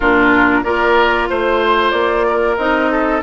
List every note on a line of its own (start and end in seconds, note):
0.00 0.65 A#2
0.00 0.64 D4
0.00 0.60 F4
0.00 0.63 A#4
0.63 1.29 A#3
0.63 2.58 F4
0.63 1.28 A#4
0.63 1.28 D5
1.29 1.92 A3
1.29 1.90 C5
1.29 2.26 C5
1.90 2.56 A#3
1.90 2.55 D5
2.28 2.91 A#4
2.57 3.21 C4
2.57 3.23 D#4
2.57 3.21 D#5
2.91 3.23 A4